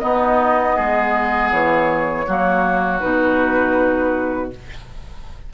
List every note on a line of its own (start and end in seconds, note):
0.00 2.26 B3
0.00 0.79 B3
0.00 0.76 D#4
0.00 1.50 D#5
0.76 1.52 G#3
0.76 2.26 G#4
1.52 2.27 E3
1.52 3.00 C#5
2.27 3.03 F#3
2.27 3.01 A#3
2.27 4.53 F#4
3.00 4.54 B2
3.00 4.51 D#4
3.00 4.50 B4